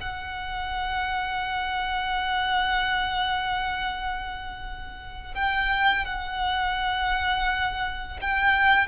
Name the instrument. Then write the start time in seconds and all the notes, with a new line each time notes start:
violin
0.00 F#5
5.34 G5
6.05 F#5
8.21 G5